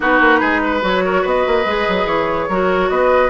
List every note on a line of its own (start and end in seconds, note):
0.00 0.20 B3
0.00 0.80 D#4
0.00 0.40 F#4
0.00 0.85 B4
0.20 0.41 A#3
0.40 0.82 G#3
0.40 0.60 G#4
0.63 1.04 B4
0.80 1.24 F#3
0.80 1.63 F#4
0.80 1.26 C#5
1.04 1.21 A#4
1.21 1.45 B3
1.21 2.45 B4
1.21 2.07 D#5
1.47 1.65 A#3
1.65 1.86 G#3
1.65 2.50 G#4
1.88 2.05 F#3
2.05 2.46 E3
2.05 2.89 C#5
2.48 2.89 F#3
2.48 3.29 F#4
2.48 2.89 A#4
2.89 3.29 B3
2.89 3.29 B4
2.89 3.29 D#5